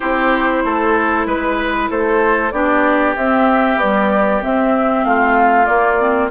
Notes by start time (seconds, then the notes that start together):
0.00 C4 E4 G4 C5
0.64 A3 A4
1.26 G#3 B4
1.90 A3 A4 C5
2.51 B3 D4 G4 D5
3.16 C4 E5
3.76 G3 B3 D5
4.41 C4 E5
5.04 A3 F4 F5
5.65 A#3 D5
5.98 C4